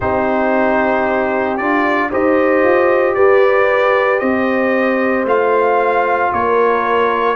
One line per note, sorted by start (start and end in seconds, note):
0.00 1.59 C4
0.00 1.58 D#4
0.00 2.09 G4
0.00 1.57 C5
1.57 2.11 D4
1.57 2.11 F4
1.57 2.09 D5
2.11 2.63 D#4
2.11 5.27 G4
2.11 3.15 C5
2.11 3.14 D#5
2.63 3.16 F4
3.14 4.21 G4
3.14 4.20 B4
3.14 4.19 D5
4.19 5.24 C4
4.19 6.31 C5
4.19 5.24 D#5
5.24 6.30 A3
5.24 7.36 F4
5.24 6.33 F5
6.32 7.36 A#3
6.32 7.36 A#4
6.32 7.36 C#5